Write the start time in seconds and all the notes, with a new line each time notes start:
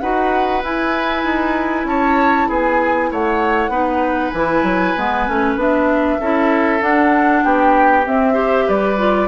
0.00 D#4 F#4 B4 F#5
0.63 E4 G#5
1.24 D#4
1.84 C#4 C#5 A5
2.48 B3 G#4 G#5
3.11 A3 C#5 F#5
3.68 B3 D#4 B4
4.30 E3 E4 G#5
4.63 F#3
4.97 G#3 B3
5.28 A3 C#4
5.56 B3 D4 E5
6.20 C#4 E4 A4
6.80 D4 F#5
7.43 B3 G4 G5
8.06 C4 E5
8.33 G4 C5
8.67 G3 B4 D5
8.98 F4